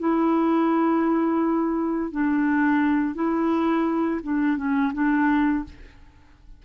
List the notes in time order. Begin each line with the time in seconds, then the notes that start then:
0.00 E4
2.12 D4
3.15 E4
4.24 D4
4.57 C#4
4.94 D4